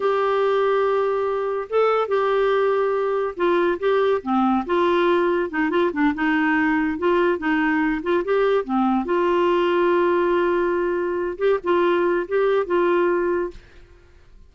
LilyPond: \new Staff \with { instrumentName = "clarinet" } { \time 4/4 \tempo 4 = 142 g'1 | a'4 g'2. | f'4 g'4 c'4 f'4~ | f'4 dis'8 f'8 d'8 dis'4.~ |
dis'8 f'4 dis'4. f'8 g'8~ | g'8 c'4 f'2~ f'8~ | f'2. g'8 f'8~ | f'4 g'4 f'2 | }